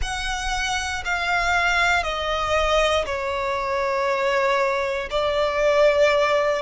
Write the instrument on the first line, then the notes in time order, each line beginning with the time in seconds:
violin
0.02 F#5
1.04 F5
2.03 D#5
3.05 C#5
5.10 D5